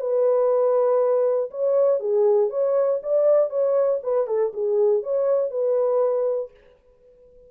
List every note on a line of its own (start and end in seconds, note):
0.00 1.50 B4
1.50 2.00 C#5
2.00 2.50 G#4
2.50 3.00 C#5
3.02 3.50 D5
3.50 4.00 C#5
4.03 4.27 B4
4.27 4.52 A4
4.53 5.03 G#4
5.03 5.50 C#5
5.50 6.50 B4